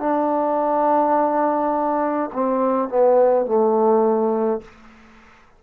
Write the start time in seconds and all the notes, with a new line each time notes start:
0.00 D4
2.33 C4
2.90 B3
3.46 A3